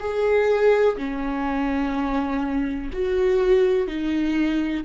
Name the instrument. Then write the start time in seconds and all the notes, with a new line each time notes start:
viola
0.00 G#4
0.97 C#4
2.93 F#4
3.88 D#4